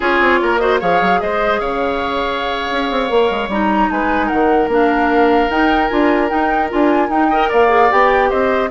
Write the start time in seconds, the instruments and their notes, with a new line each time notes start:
0.00 bassoon C#4, clarinet F4, oboe G#4, flute C#5
0.20 bassoon C4
0.42 bassoon A#3, oboe A#4
0.58 clarinet F#4, oboe C5, flute D#5
0.79 bassoon F3, clarinet G#4, oboe C#5, flute F5
1.01 bassoon F#3
1.21 bassoon G#3, oboe C5, flute D#5
1.59 bassoon C#3, oboe C#5, flute F5
2.71 bassoon C#4
2.90 bassoon C4
3.09 bassoon A#3, clarinet A#4
3.30 bassoon G#3
3.48 bassoon G3, clarinet D#4, flute A#5
3.90 bassoon G#3, oboe B4, flute G#5
4.26 bassoon D#3, oboe A#4, flute F#5
4.67 bassoon A#3, clarinet D4, flute F5
5.49 bassoon D#4, clarinet D#4, flute G5
5.88 bassoon D4, clarinet F4, flute G#5
6.28 clarinet D#4, bassoon D#4, flute G5
6.69 bassoon D4, clarinet F4, flute G#5
7.09 bassoon D#4, clarinet D#4, flute G5
7.29 clarinet A#4, oboe D#5
7.49 bassoon A#3, oboe D5, flute F5
7.68 clarinet G#4
7.90 bassoon B3, clarinet G4, flute G5
8.29 bassoon C4, oboe C5, flute D#5